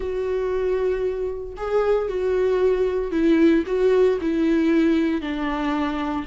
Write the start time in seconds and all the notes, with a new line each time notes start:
0.00 F#4
1.57 G#4
2.08 F#4
3.11 E4
3.66 F#4
4.21 E4
5.21 D4